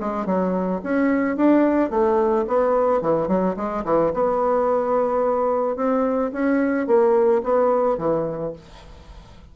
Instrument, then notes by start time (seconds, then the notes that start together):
bassoon
0.00 G#3
0.26 F#3
0.83 C#4
1.36 D4
1.90 A3
2.47 B3
3.01 E3
3.28 F#3
3.57 G#3
3.85 E3
4.14 B3
5.76 C4
6.33 C#4
6.87 A#3
7.43 B3
7.98 E3